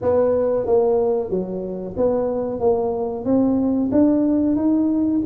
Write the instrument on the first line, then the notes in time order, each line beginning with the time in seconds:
tuba
0.01 B3
0.66 A#3
1.30 F#3
1.97 B3
2.59 A#3
3.24 C4
3.91 D4
4.56 D#4